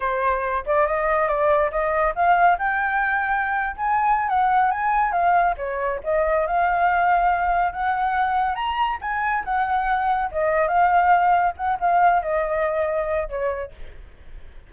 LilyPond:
\new Staff \with { instrumentName = "flute" } { \time 4/4 \tempo 4 = 140 c''4. d''8 dis''4 d''4 | dis''4 f''4 g''2~ | g''8. gis''4~ gis''16 fis''4 gis''4 | f''4 cis''4 dis''4 f''4~ |
f''2 fis''2 | ais''4 gis''4 fis''2 | dis''4 f''2 fis''8 f''8~ | f''8 dis''2~ dis''8 cis''4 | }